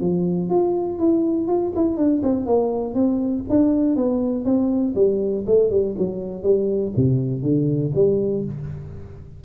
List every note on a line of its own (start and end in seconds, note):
0.00 0.49 F3
0.49 0.98 F4
0.98 1.47 E4
1.47 1.72 F4
1.75 1.97 E4
1.97 2.21 D4
2.22 2.46 C4
2.46 2.94 A#3
2.94 3.43 C4
3.49 3.96 D4
3.96 4.44 B3
4.44 4.94 C4
4.95 5.44 G3
5.46 5.70 A3
5.70 5.95 G3
5.97 6.42 F#3
6.42 6.92 G3
6.96 7.42 C3
7.42 7.91 D3
7.95 8.44 G3